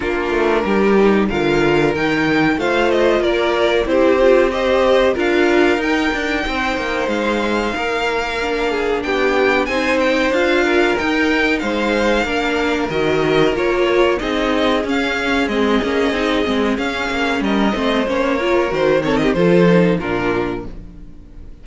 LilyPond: <<
  \new Staff \with { instrumentName = "violin" } { \time 4/4 \tempo 4 = 93 ais'2 f''4 g''4 | f''8 dis''8 d''4 c''4 dis''4 | f''4 g''2 f''4~ | f''2 g''4 gis''8 g''8 |
f''4 g''4 f''2 | dis''4 cis''4 dis''4 f''4 | dis''2 f''4 dis''4 | cis''4 c''8 cis''16 dis''16 c''4 ais'4 | }
  \new Staff \with { instrumentName = "violin" } { \time 4/4 f'4 g'4 ais'2 | c''4 ais'4 g'4 c''4 | ais'2 c''2 | ais'4. gis'8 g'4 c''4~ |
c''8 ais'4. c''4 ais'4~ | ais'2 gis'2~ | gis'2. ais'8 c''8~ | c''8 ais'4 a'16 g'16 a'4 f'4 | }
  \new Staff \with { instrumentName = "viola" } { \time 4/4 d'4. dis'8 f'4 dis'4 | f'2 e'8 f'8 g'4 | f'4 dis'2.~ | dis'4 d'2 dis'4 |
f'4 dis'2 d'4 | fis'4 f'4 dis'4 cis'4 | c'8 cis'8 dis'8 c'8 cis'4. c'8 | cis'8 f'8 fis'8 c'8 f'8 dis'8 d'4 | }
  \new Staff \with { instrumentName = "cello" } { \time 4/4 ais8 a8 g4 d4 dis4 | a4 ais4 c'2 | d'4 dis'8 d'8 c'8 ais8 gis4 | ais2 b4 c'4 |
d'4 dis'4 gis4 ais4 | dis4 ais4 c'4 cis'4 | gis8 ais8 c'8 gis8 cis'8 ais8 g8 a8 | ais4 dis4 f4 ais,4 | }
>>